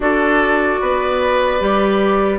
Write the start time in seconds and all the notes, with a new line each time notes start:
0.00 D4 F#4 A4 D5
0.80 B3 B4
1.59 G3 G4